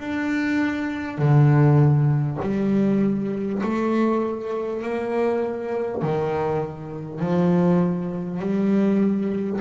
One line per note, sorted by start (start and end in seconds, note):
0.00 1.18 D4
1.18 2.38 D3
2.42 3.62 G3
3.63 4.83 A3
4.83 6.02 A#3
6.02 7.20 D#3
7.20 8.40 F3
8.40 9.60 G3